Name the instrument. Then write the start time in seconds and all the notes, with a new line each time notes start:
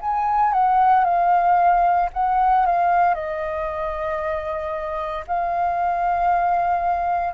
flute
0.00 G#5
0.52 F#5
1.04 F5
2.13 F#5
2.66 F5
3.14 D#5
5.27 F5